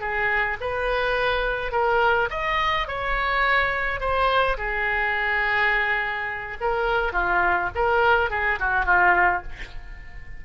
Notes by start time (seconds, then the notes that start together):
0.00 G#4
0.61 B4
1.72 A#4
2.30 D#5
2.88 C#5
4.00 C5
4.57 G#4
6.61 A#4
7.12 F4
7.75 A#4
8.30 G#4
8.59 F#4
8.85 F4